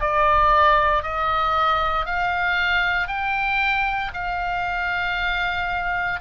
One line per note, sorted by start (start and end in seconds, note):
0.00 1.03 D5
1.03 2.05 D#5
2.05 3.08 F5
3.08 4.11 G5
4.13 6.20 F5